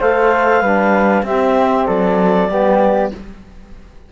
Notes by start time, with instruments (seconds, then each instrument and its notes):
0.00 cello A3, trombone A4, flute C5, clarinet F5
0.61 cello G3, trombone D4, flute B4
1.23 cello C4, trombone C4, flute G4, clarinet E5
1.87 cello F#3, flute A4, clarinet D5
2.49 cello G3, trombone B3, flute G4